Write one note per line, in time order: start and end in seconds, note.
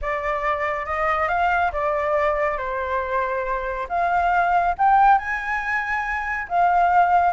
0.01 0.85 D5
0.85 1.28 D#5
1.28 1.71 F5
1.72 2.57 D5
2.57 3.87 C5
3.88 4.75 F5
4.77 5.18 G5
5.18 6.47 G#5
6.48 7.33 F5